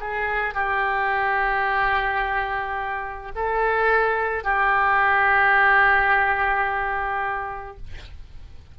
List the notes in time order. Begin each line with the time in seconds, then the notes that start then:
0.00 G#4
0.55 G4
3.35 A4
4.44 G4